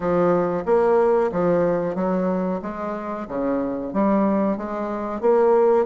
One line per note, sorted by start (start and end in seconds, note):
0.00 0.63 F3
0.65 1.30 A#3
1.32 1.95 F3
1.95 2.60 F#3
2.61 3.27 G#3
3.28 3.93 C#3
3.93 4.57 G3
4.57 5.20 G#3
5.20 5.85 A#3